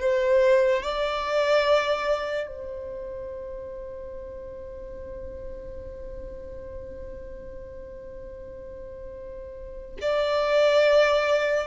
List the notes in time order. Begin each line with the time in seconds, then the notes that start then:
0.00 C5
0.83 D5
2.47 C5
10.01 D5